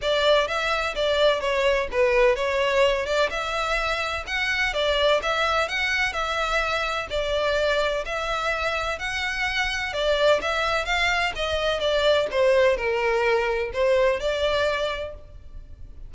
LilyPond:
\new Staff \with { instrumentName = "violin" } { \time 4/4 \tempo 4 = 127 d''4 e''4 d''4 cis''4 | b'4 cis''4. d''8 e''4~ | e''4 fis''4 d''4 e''4 | fis''4 e''2 d''4~ |
d''4 e''2 fis''4~ | fis''4 d''4 e''4 f''4 | dis''4 d''4 c''4 ais'4~ | ais'4 c''4 d''2 | }